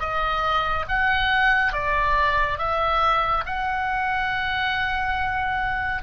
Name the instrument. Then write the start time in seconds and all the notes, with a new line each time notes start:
oboe
0.00 D#5
0.88 F#5
1.73 D5
2.59 E5
3.46 F#5